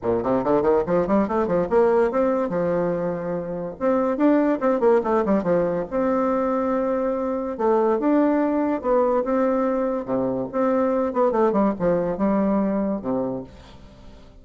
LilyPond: \new Staff \with { instrumentName = "bassoon" } { \time 4/4 \tempo 4 = 143 ais,8 c8 d8 dis8 f8 g8 a8 f8 | ais4 c'4 f2~ | f4 c'4 d'4 c'8 ais8 | a8 g8 f4 c'2~ |
c'2 a4 d'4~ | d'4 b4 c'2 | c4 c'4. b8 a8 g8 | f4 g2 c4 | }